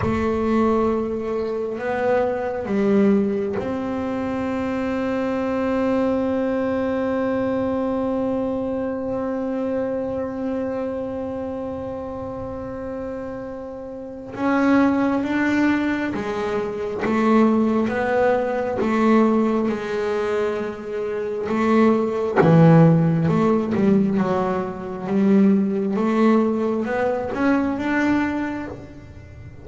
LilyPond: \new Staff \with { instrumentName = "double bass" } { \time 4/4 \tempo 4 = 67 a2 b4 g4 | c'1~ | c'1~ | c'1 |
cis'4 d'4 gis4 a4 | b4 a4 gis2 | a4 e4 a8 g8 fis4 | g4 a4 b8 cis'8 d'4 | }